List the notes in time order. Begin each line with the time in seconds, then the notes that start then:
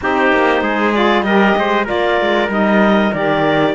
0.01 C4 D#4 G4 C5
0.32 A#3
0.61 G#3 G#4
0.94 F4 D5
1.22 G3 G4 A#4 D#5
1.56 G#3 C5
1.84 F4 A#4 D5
1.90 A#3
2.21 G#3
2.48 G3 D#4 D#5
3.13 D#3 G4 D5